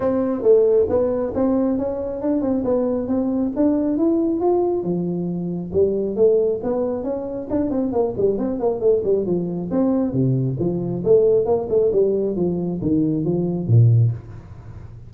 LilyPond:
\new Staff \with { instrumentName = "tuba" } { \time 4/4 \tempo 4 = 136 c'4 a4 b4 c'4 | cis'4 d'8 c'8 b4 c'4 | d'4 e'4 f'4 f4~ | f4 g4 a4 b4 |
cis'4 d'8 c'8 ais8 g8 c'8 ais8 | a8 g8 f4 c'4 c4 | f4 a4 ais8 a8 g4 | f4 dis4 f4 ais,4 | }